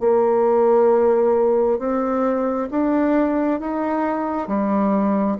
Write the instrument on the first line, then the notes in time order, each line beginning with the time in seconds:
bassoon
0.00 A#3
1.79 C4
2.71 D4
3.60 D#4
4.47 G3